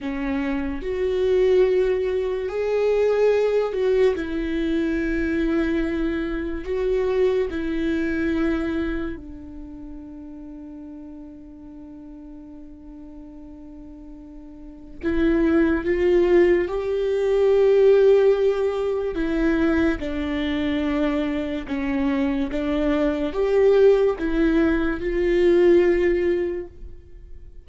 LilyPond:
\new Staff \with { instrumentName = "viola" } { \time 4/4 \tempo 4 = 72 cis'4 fis'2 gis'4~ | gis'8 fis'8 e'2. | fis'4 e'2 d'4~ | d'1~ |
d'2 e'4 f'4 | g'2. e'4 | d'2 cis'4 d'4 | g'4 e'4 f'2 | }